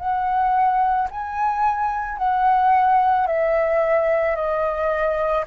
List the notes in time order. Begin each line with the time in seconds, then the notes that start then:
0.00 F#5
1.12 G#5
2.18 F#5
3.27 E5
4.36 D#5